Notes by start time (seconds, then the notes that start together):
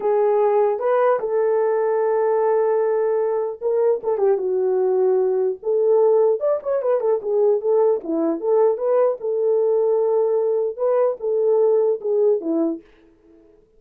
0.00 G#4
0.79 B4
1.19 A4
3.61 A#4
4.03 A4
4.17 G4
4.37 F#4
5.62 A4
6.39 D5
6.62 C#5
6.81 B4
7.00 A4
7.22 G#4
7.60 A4
8.03 E4
8.40 A4
8.77 B4
9.20 A4
10.77 B4
11.20 A4
12.01 G#4
12.40 E4